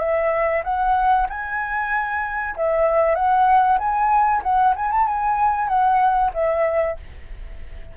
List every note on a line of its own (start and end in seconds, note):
0.00 0.63 E5
0.64 1.27 F#5
1.29 2.56 G#5
2.56 3.15 E5
3.15 3.78 F#5
3.79 4.42 G#5
4.44 4.75 F#5
4.76 4.91 G#5
4.91 5.07 A5
5.07 5.69 G#5
5.69 6.32 F#5
6.34 6.97 E5